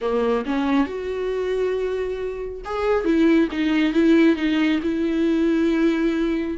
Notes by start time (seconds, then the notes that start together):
0.01 A#3
0.45 C#4
0.86 F#4
2.65 G#4
3.04 E4
3.51 D#4
3.93 E4
4.36 D#4
4.83 E4